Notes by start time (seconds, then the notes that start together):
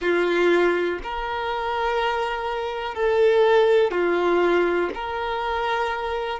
0.01 F4
1.03 A#4
2.95 A4
3.91 F4
4.94 A#4